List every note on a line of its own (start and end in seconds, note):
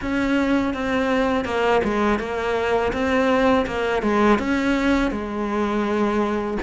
0.01 0.74 C#4
0.74 1.44 C4
1.44 1.81 A#3
1.84 2.19 G#3
2.19 2.92 A#3
2.92 3.66 C4
3.66 4.02 A#3
4.02 4.38 G#3
4.38 5.11 C#4
5.11 6.57 G#3